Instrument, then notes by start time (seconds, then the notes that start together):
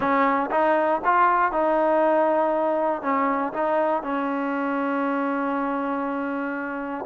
trombone
0.00 C#4
0.50 D#4
1.04 F4
1.51 D#4
3.02 C#4
3.53 D#4
4.02 C#4